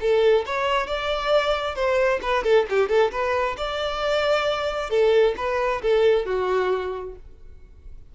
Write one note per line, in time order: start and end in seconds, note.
0.00 0.45 A4
0.46 0.86 C#5
0.86 1.75 D5
1.75 2.20 C5
2.22 2.43 B4
2.43 2.66 A4
2.69 2.88 G4
2.88 3.11 A4
3.11 3.56 B4
3.57 4.90 D5
4.90 5.34 A4
5.37 5.81 B4
5.82 6.25 A4
6.25 7.15 F#4